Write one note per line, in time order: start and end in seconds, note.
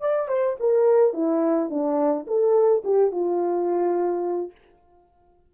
0.00 0.28 D5
0.28 0.56 C5
0.59 1.13 A#4
1.13 1.69 E4
1.69 2.26 D4
2.27 2.83 A4
2.84 3.11 G4
3.11 4.51 F4